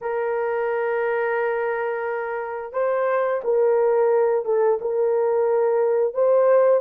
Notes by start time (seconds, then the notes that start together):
0.01 A#4
2.72 C5
3.44 A#4
4.45 A4
4.81 A#4
6.14 C5